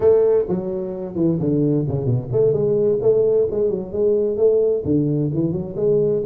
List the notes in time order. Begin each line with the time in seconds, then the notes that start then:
0.00 A3
0.48 F#3
1.15 E3
1.39 D3
1.88 C#3
2.05 B2
2.32 A3
2.52 G#3
3.01 A3
3.50 G#3
3.70 F#3
3.92 G#3
4.37 A3
4.84 D3
5.33 E3
5.52 F#3
5.76 G#3